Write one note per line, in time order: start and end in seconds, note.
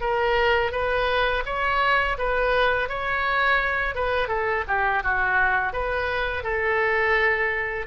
0.00 0.71 A#4
0.71 1.43 B4
1.45 2.17 C#5
2.18 2.89 B4
2.89 3.94 C#5
3.94 4.28 B4
4.28 4.64 A4
4.67 5.03 G4
5.03 5.72 F#4
5.72 6.43 B4
6.43 7.86 A4